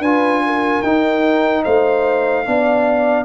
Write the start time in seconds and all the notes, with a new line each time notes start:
0.00 D4 F4 B4 G#5
0.46 A#4
0.83 D#4 G5
1.64 A3 C5 F5
2.46 B3 D4 D5